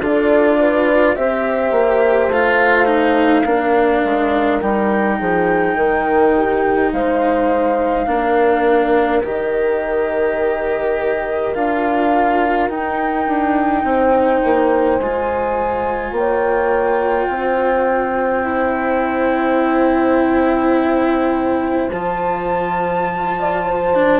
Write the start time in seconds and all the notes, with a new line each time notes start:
0.00 D4 F4 A4 D5
0.59 B4
1.15 C4 G4 C5 E5
1.71 A#3
2.28 A3 F4 F5
2.85 D#4
3.45 A#3 D4 A#4
4.04 G#3
4.61 G3 D#4 G5
5.19 F3 G#4
5.75 D#3 A#4
6.36 G4
6.92 G#3 C5 F5
8.06 A#3 D4 A#4
9.23 D#3 G4 D#5
11.53 D4 F4 F5
12.69 D#4 G5
13.27 D4
13.84 C4 C5
14.44 A#3
14.99 G#3 F4 G#5
16.12 A#3 C#5 G5
17.28 C4 C5
18.43 E4
21.91 F3 F4 A5
23.39 D5
23.65 C5
23.94 D4